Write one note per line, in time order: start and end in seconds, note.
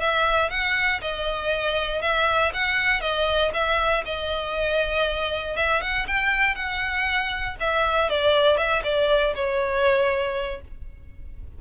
0.00 0.50 E5
0.50 1.01 F#5
1.01 2.02 D#5
2.02 2.52 E5
2.53 3.01 F#5
3.01 3.52 D#5
3.54 4.04 E5
4.05 5.56 D#5
5.57 5.81 E5
5.81 6.06 F#5
6.07 6.55 G5
6.55 7.56 F#5
7.60 8.10 E5
8.10 8.57 D5
8.57 8.83 E5
8.84 9.34 D5
9.35 10.61 C#5